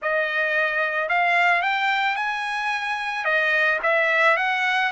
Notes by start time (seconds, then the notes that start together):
0.02 D#5
1.08 F5
1.61 G5
2.15 G#5
3.25 D#5
3.82 E5
4.37 F#5